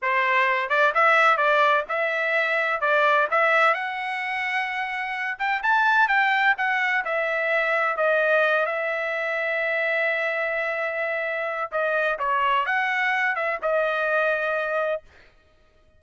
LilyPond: \new Staff \with { instrumentName = "trumpet" } { \time 4/4 \tempo 4 = 128 c''4. d''8 e''4 d''4 | e''2 d''4 e''4 | fis''2.~ fis''8 g''8 | a''4 g''4 fis''4 e''4~ |
e''4 dis''4. e''4.~ | e''1~ | e''4 dis''4 cis''4 fis''4~ | fis''8 e''8 dis''2. | }